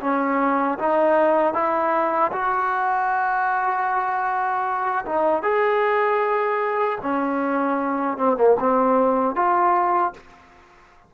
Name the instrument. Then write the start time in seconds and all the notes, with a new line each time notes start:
trombone
0.00 C#4
0.79 D#4
1.54 E4
2.32 F#4
5.05 D#4
5.43 G#4
7.02 C#4
8.17 C4
8.37 A#3
8.60 C4
9.35 F4